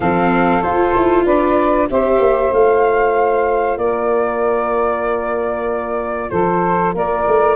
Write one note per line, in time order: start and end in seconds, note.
0.00 0.61 F3
0.00 0.61 C4
0.00 1.24 A4
0.00 0.62 F5
0.61 1.87 F4
0.61 0.96 F4
0.61 1.25 C5
0.96 1.25 E4
1.24 1.89 D4
1.24 1.87 B4
1.24 1.88 D5
1.90 2.18 C4
1.90 2.52 G4
1.90 3.80 C5
1.90 2.53 E5
2.18 2.50 A#3
2.52 3.77 A3
2.52 7.55 F4
2.52 3.77 F5
3.77 6.29 A#3
3.77 6.31 A#4
3.77 6.30 D5
6.30 6.94 F3
6.30 6.93 A4
6.30 6.93 C5
6.93 7.26 A#3
6.93 7.55 A#4
6.93 7.55 D5
7.27 7.55 A3